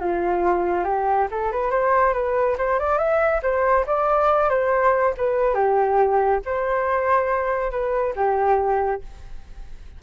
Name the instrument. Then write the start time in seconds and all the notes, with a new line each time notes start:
flute
0.00 F4
0.84 G4
1.31 A4
1.52 B4
1.71 C5
2.14 B4
2.58 C5
2.79 D5
2.98 E5
3.42 C5
3.86 D5
4.49 C5
5.17 B4
5.54 G4
6.45 C5
7.71 B4
8.16 G4